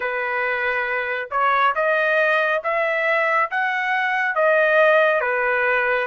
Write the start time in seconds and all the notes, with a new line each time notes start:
0.00 B4
1.30 C#5
1.75 D#5
2.63 E5
3.51 F#5
4.35 D#5
5.20 B4